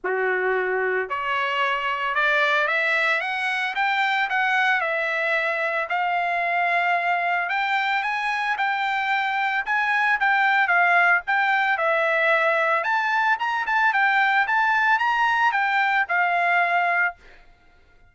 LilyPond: \new Staff \with { instrumentName = "trumpet" } { \time 4/4 \tempo 4 = 112 fis'2 cis''2 | d''4 e''4 fis''4 g''4 | fis''4 e''2 f''4~ | f''2 g''4 gis''4 |
g''2 gis''4 g''4 | f''4 g''4 e''2 | a''4 ais''8 a''8 g''4 a''4 | ais''4 g''4 f''2 | }